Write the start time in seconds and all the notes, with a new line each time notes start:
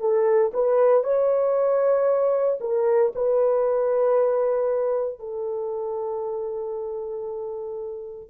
0.00 A4
0.54 B4
1.03 C#5
2.61 A#4
3.15 B4
5.19 A4